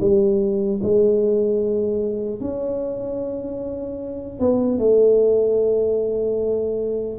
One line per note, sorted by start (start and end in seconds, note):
0.00 0.80 G3
0.83 2.40 G#3
2.40 4.39 C#4
4.39 4.78 B3
4.78 7.18 A3